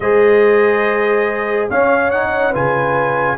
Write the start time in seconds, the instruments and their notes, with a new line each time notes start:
0.00 tuba G#3, trombone G#4, horn C5, trumpet D#5
1.70 tuba C#4, trombone C#4, horn C#5, trumpet F5
2.10 trombone D#4, trumpet F#5
2.50 tuba C#3, trombone F4, horn B4, trumpet G#5